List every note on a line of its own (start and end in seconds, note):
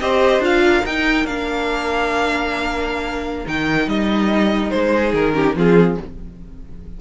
0.00 0.39 C4
0.00 0.41 G4
0.00 0.63 C5
0.00 0.42 D#5
0.39 0.81 D4
0.39 0.83 F4
0.39 0.86 F5
0.63 4.92 A#4
0.84 1.26 D#4
0.84 1.25 D#4
0.84 1.26 G5
1.25 3.45 A#3
1.25 3.46 D4
1.25 3.46 F5
3.46 3.87 D#3
3.46 5.33 D#4
3.46 3.89 G5
3.87 4.71 G3
3.87 4.70 D#5
4.70 5.13 G#3
4.70 5.12 C5
4.92 5.34 G#4
5.13 5.55 D#3
5.13 5.56 A#4
5.33 5.54 C#4
5.33 5.56 G4
5.55 5.97 F3
5.55 5.98 C4
5.55 5.99 F4
5.55 6.00 G#4